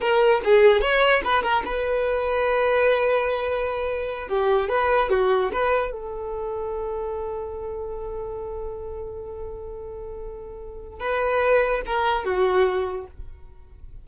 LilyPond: \new Staff \with { instrumentName = "violin" } { \time 4/4 \tempo 4 = 147 ais'4 gis'4 cis''4 b'8 ais'8 | b'1~ | b'2~ b'8 g'4 b'8~ | b'8 fis'4 b'4 a'4.~ |
a'1~ | a'1~ | a'2. b'4~ | b'4 ais'4 fis'2 | }